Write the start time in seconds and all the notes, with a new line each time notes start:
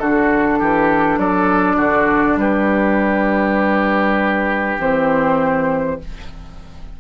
0.00 D3 D4 F#4 A4
0.59 E3 G4
1.18 F#3 A4 D5
1.77 D3 F#4
2.36 G3 G4 B4
4.79 E3 C4 C5